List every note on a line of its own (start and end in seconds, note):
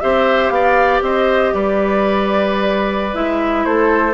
0.00 0.50 C4
0.00 3.13 G4
0.00 0.53 C5
0.00 0.50 E5
0.50 1.00 B3
0.50 1.03 D5
0.50 1.00 F5
1.02 1.52 C4
1.02 1.53 C5
1.02 1.54 D#5
1.53 3.14 G3
1.53 3.66 B4
1.53 3.14 D5
3.13 3.64 G#3
3.13 4.13 E4
3.13 3.64 E5
3.64 4.13 A3
3.64 4.13 A4
3.64 4.13 C5